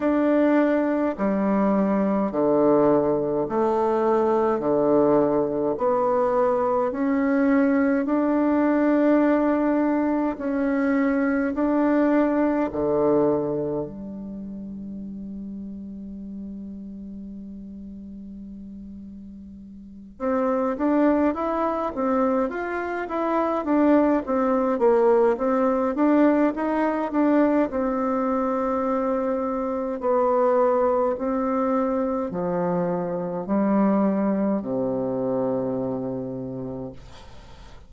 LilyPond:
\new Staff \with { instrumentName = "bassoon" } { \time 4/4 \tempo 4 = 52 d'4 g4 d4 a4 | d4 b4 cis'4 d'4~ | d'4 cis'4 d'4 d4 | g1~ |
g4. c'8 d'8 e'8 c'8 f'8 | e'8 d'8 c'8 ais8 c'8 d'8 dis'8 d'8 | c'2 b4 c'4 | f4 g4 c2 | }